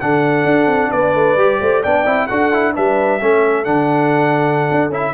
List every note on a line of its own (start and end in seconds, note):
0.00 0.45 D3
0.00 1.38 D4
0.00 0.91 A4
0.00 0.91 F#5
0.45 0.67 D4
0.67 0.89 C4
0.91 1.15 B3
0.91 1.59 B4
0.91 1.83 D5
1.15 1.36 A3
1.36 1.59 G3
1.36 1.84 G4
1.59 1.84 A3
1.59 1.82 C5
1.82 2.06 B3
1.82 2.06 D4
1.82 2.27 D5
1.82 2.27 G5
2.06 2.29 C4
2.06 2.29 E4
2.27 2.77 D4
2.27 2.53 F#4
2.27 2.74 A4
2.27 2.73 F#5
2.53 2.74 E4
2.74 3.22 G3
2.74 3.20 D4
2.74 3.22 B4
2.74 3.65 E5
3.21 3.67 A3
3.21 3.65 C#4
3.21 5.14 A4
3.65 4.70 D3
3.65 4.91 D4
3.65 4.91 F#5
4.71 4.89 D4
4.89 5.12 C#4
4.89 5.14 E4
4.89 5.14 E5